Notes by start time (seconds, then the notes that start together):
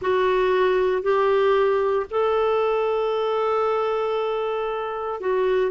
0.01 F#4
1.02 G4
2.10 A4
5.20 F#4